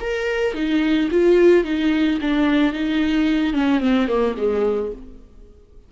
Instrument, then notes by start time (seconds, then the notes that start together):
viola
0.00 A#4
0.54 D#4
1.11 F4
1.64 D#4
2.21 D4
2.72 D#4
3.53 C#4
3.80 C4
4.07 A#3
4.37 G#3